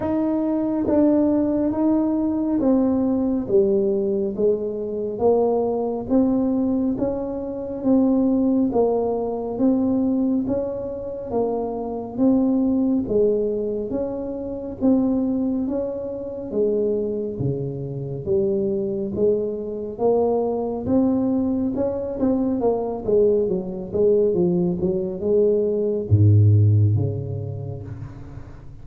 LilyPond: \new Staff \with { instrumentName = "tuba" } { \time 4/4 \tempo 4 = 69 dis'4 d'4 dis'4 c'4 | g4 gis4 ais4 c'4 | cis'4 c'4 ais4 c'4 | cis'4 ais4 c'4 gis4 |
cis'4 c'4 cis'4 gis4 | cis4 g4 gis4 ais4 | c'4 cis'8 c'8 ais8 gis8 fis8 gis8 | f8 fis8 gis4 gis,4 cis4 | }